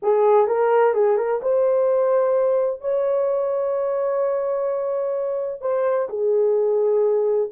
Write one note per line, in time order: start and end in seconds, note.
0.02 0.47 G#4
0.47 0.94 A#4
0.94 1.17 G#4
1.17 1.40 A#4
1.42 2.81 C5
2.81 5.61 C#5
5.61 6.08 C5
6.09 7.49 G#4